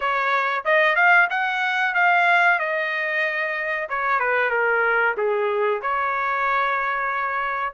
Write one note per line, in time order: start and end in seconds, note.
0.00 0.64 C#5
0.65 0.95 D#5
0.95 1.27 F5
1.30 1.94 F#5
1.94 2.59 F5
2.59 3.88 D#5
3.89 4.19 C#5
4.19 4.50 B4
4.50 5.14 A#4
5.17 5.81 G#4
5.81 7.73 C#5